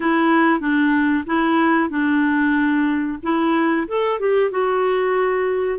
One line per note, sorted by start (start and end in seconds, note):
0.00 0.60 E4
0.60 1.24 D4
1.26 1.89 E4
1.89 3.18 D4
3.23 3.87 E4
3.87 4.19 A4
4.19 4.50 G4
4.50 5.79 F#4